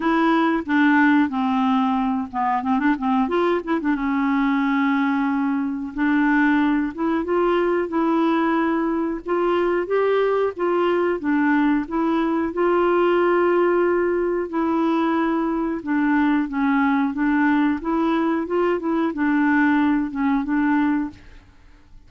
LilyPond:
\new Staff \with { instrumentName = "clarinet" } { \time 4/4 \tempo 4 = 91 e'4 d'4 c'4. b8 | c'16 d'16 c'8 f'8 e'16 d'16 cis'2~ | cis'4 d'4. e'8 f'4 | e'2 f'4 g'4 |
f'4 d'4 e'4 f'4~ | f'2 e'2 | d'4 cis'4 d'4 e'4 | f'8 e'8 d'4. cis'8 d'4 | }